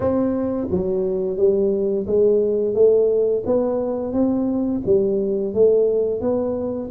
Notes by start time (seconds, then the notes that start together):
0.00 C4
0.70 F#3
1.37 G3
2.06 G#3
2.74 A3
3.45 B3
4.12 C4
4.85 G3
5.53 A3
6.20 B3